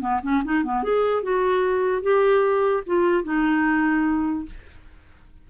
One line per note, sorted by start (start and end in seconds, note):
0.00 0.20 B3
0.22 0.43 C#4
0.44 0.63 D#4
0.63 0.83 B3
0.83 1.23 G#4
1.23 2.03 F#4
2.03 2.84 G4
2.86 3.24 F4
3.24 4.45 D#4